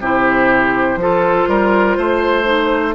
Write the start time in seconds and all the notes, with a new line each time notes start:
0.00 C3 E4 G4 C5
0.97 F3 F4 A4
1.48 G3 A#4
1.98 A3 C5
2.45 D#4